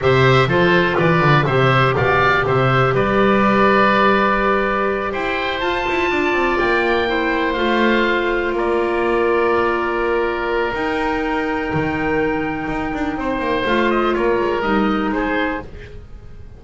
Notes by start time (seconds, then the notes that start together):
0.01 C3 G4 C5 E5
0.47 F3 F4 A4 C5
0.97 E3 B4 D5
1.20 D3
1.44 C3 G4 C5 E5
1.96 B2 D5 F5
2.46 C3 C5 E5
2.93 G3 B4 D5
5.11 E4 C5 G5
5.60 F4 A5
5.88 E4
6.10 D4 D5
6.32 C4
6.59 A#3 G5
7.07 E4 C5
7.53 A3 F4 F5
8.51 A#3 A#4 D5
10.73 D#4 G5
11.73 D#3
12.67 D#4
12.93 D4
13.16 C4 C5
13.39 A#3
13.65 A3 F4 F5
13.90 D#5
14.13 A#3 A#4 C#5
14.40 G#3
14.61 G3 D#4 D#5
15.09 G#3 G#4 C5